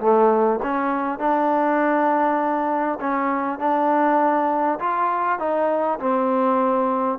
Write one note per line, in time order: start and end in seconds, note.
0.00 0.60 A3
0.63 1.19 C#4
1.19 2.99 D4
3.01 3.59 C#4
3.59 4.79 D4
4.80 5.39 F4
5.39 5.99 D#4
6.00 7.19 C4